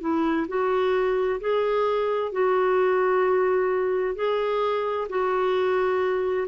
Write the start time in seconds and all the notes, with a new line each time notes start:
0.00 E4
0.47 F#4
1.40 G#4
2.32 F#4
4.15 G#4
5.09 F#4